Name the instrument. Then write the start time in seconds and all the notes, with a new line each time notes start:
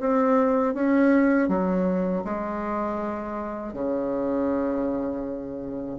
bassoon
0.00 C4
0.74 C#4
1.48 F#3
2.24 G#3
3.73 C#3